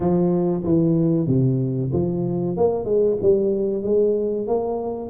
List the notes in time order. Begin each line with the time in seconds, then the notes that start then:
0.00 F3
0.64 E3
1.27 C3
1.93 F3
2.56 A#3
2.84 G#3
3.21 G3
3.83 G#3
4.47 A#3